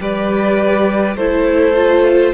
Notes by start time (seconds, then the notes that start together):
0.00 G3 G4 B4 D5
1.16 A3 E4 A4 C5
1.76 F4